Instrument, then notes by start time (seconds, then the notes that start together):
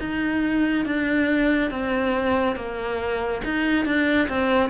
cello
0.00 D#4
0.85 D4
1.71 C4
2.56 A#3
3.45 D#4
3.85 D4
4.29 C4